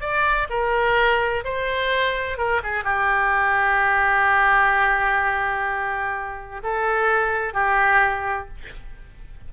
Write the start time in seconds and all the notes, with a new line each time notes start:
0.00 D5
0.49 A#4
1.44 C5
2.38 A#4
2.63 G#4
2.83 G4
6.63 A4
7.53 G4